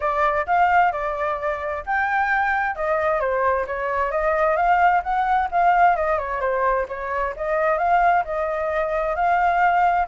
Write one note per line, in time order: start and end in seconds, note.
0.00 0.46 D5
0.46 0.92 F5
0.92 1.83 D5
1.85 2.75 G5
2.75 3.19 D#5
3.19 3.65 C5
3.66 4.11 C#5
4.11 4.56 D#5
4.56 5.02 F5
5.03 5.49 F#5
5.51 5.96 F5
5.96 6.18 D#5
6.18 6.40 C#5
6.40 6.86 C5
6.88 7.34 C#5
7.36 7.78 D#5
7.78 8.23 F5
8.24 9.15 D#5
9.15 10.07 F5